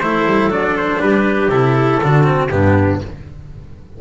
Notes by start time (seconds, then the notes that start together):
0.00 A3 E4 A4 C5
0.26 G3
0.47 F#3 D4 D5
0.77 C5
1.01 G3 G4 B4
1.48 C3 E4 A4
2.03 D3 D4 F#4
2.24 C4
2.50 G2 B3 D4 G4